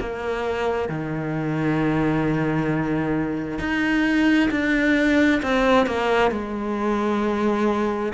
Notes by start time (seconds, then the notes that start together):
0.00 A#3
0.89 D#3
3.59 D#4
4.51 D4
5.43 C4
5.86 A#3
6.31 G#3